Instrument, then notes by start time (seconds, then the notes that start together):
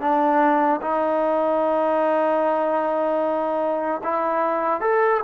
trombone
0.00 D4
0.81 D#4
4.03 E4
4.80 A4